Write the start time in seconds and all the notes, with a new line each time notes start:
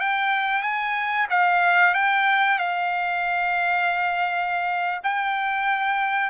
0.00 G5
0.63 G#5
1.30 F5
1.94 G5
2.59 F5
5.04 G5